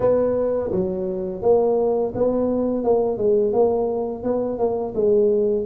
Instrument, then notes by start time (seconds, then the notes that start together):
tuba
0.00 B3
0.71 F#3
1.42 A#3
2.14 B3
2.84 A#3
3.17 G#3
3.52 A#3
4.23 B3
4.58 A#3
4.94 G#3